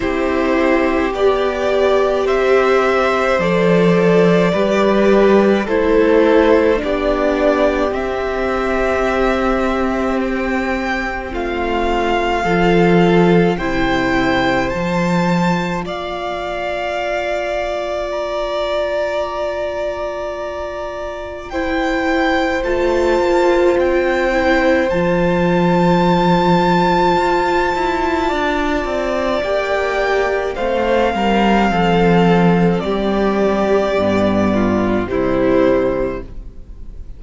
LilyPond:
<<
  \new Staff \with { instrumentName = "violin" } { \time 4/4 \tempo 4 = 53 c''4 d''4 e''4 d''4~ | d''4 c''4 d''4 e''4~ | e''4 g''4 f''2 | g''4 a''4 f''2 |
ais''2. g''4 | a''4 g''4 a''2~ | a''2 g''4 f''4~ | f''4 d''2 c''4 | }
  \new Staff \with { instrumentName = "violin" } { \time 4/4 g'2 c''2 | b'4 a'4 g'2~ | g'2 f'4 a'4 | c''2 d''2~ |
d''2. c''4~ | c''1~ | c''4 d''2 c''8 ais'8 | a'4 g'4. f'8 e'4 | }
  \new Staff \with { instrumentName = "viola" } { \time 4/4 e'4 g'2 a'4 | g'4 e'4 d'4 c'4~ | c'2. f'4 | e'4 f'2.~ |
f'2. e'4 | f'4. e'8 f'2~ | f'2 g'4 c'4~ | c'2 b4 g4 | }
  \new Staff \with { instrumentName = "cello" } { \time 4/4 c'4 b4 c'4 f4 | g4 a4 b4 c'4~ | c'2 a4 f4 | c4 f4 ais2~ |
ais1 | a8 ais8 c'4 f2 | f'8 e'8 d'8 c'8 ais4 a8 g8 | f4 g4 g,4 c4 | }
>>